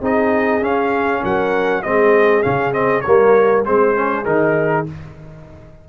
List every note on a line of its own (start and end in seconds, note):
0.00 0.61 C4
0.00 0.62 D#4
0.00 1.21 G#4
0.00 0.64 D#5
0.61 1.22 C#4
0.61 1.83 C#4
0.61 1.24 F5
1.22 1.84 F#3
1.22 1.82 A#4
1.22 1.83 F#5
1.83 2.45 G#3
1.83 2.42 C4
1.83 3.04 G#4
1.83 2.42 D#5
2.42 3.06 C#3
2.42 2.72 C#4
2.42 2.73 F5
2.72 3.03 C4
2.72 3.01 D#5
3.01 3.67 G3
3.01 3.66 A#3
3.01 3.65 A#4
3.01 3.61 C#5
3.66 4.26 G#3
3.66 3.95 C4
3.66 4.88 G#4
3.66 4.25 C5
3.95 4.25 C#4
4.25 4.86 D#3
4.25 4.86 D#4
4.25 4.86 A#4